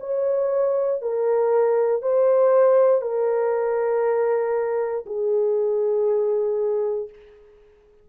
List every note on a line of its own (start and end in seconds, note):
0.00 1.02 C#5
1.02 2.02 A#4
2.02 3.02 C5
3.02 5.05 A#4
5.06 7.10 G#4